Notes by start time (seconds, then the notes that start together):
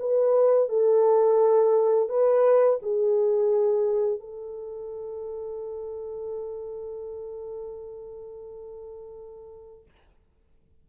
0.00 B4
0.69 A4
2.09 B4
2.83 G#4
4.20 A4